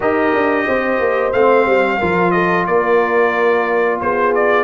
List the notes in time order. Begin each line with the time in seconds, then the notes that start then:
0.00 D#4 G4 A#4 D#5
0.33 D4
0.66 C4 C5
0.99 A#3
1.32 A3 C4 F5
1.65 G3
1.98 F3 F4 A#4
2.31 A4 D#5
2.66 A#3 A#4 D5
4.00 B3 G#4 C5
4.35 D5